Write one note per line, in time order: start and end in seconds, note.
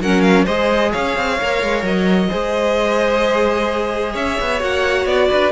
0.00 0.46 F#3
0.00 0.47 C#4
0.00 0.45 A#4
0.00 0.22 F#5
0.22 0.45 F5
0.45 0.94 G#3
0.45 1.39 G#4
0.45 0.91 C5
0.45 0.92 D#5
0.92 1.17 C#4
0.92 2.29 C#5
0.92 1.85 F5
1.17 1.40 C4
1.41 1.63 A#3
1.41 2.30 A#4
1.63 1.83 G#3
1.83 2.29 F#3
1.83 4.16 D#5
2.29 4.15 G#3
2.29 4.60 G#4
2.29 4.13 C5
4.13 4.38 C#4
4.13 5.28 C#5
4.13 4.62 E5
4.41 4.62 B3
4.60 5.06 A#3
4.60 5.52 F#4
4.60 5.07 F#5
5.06 5.29 B3
5.06 5.52 D5
5.30 5.52 D4
5.30 5.52 B4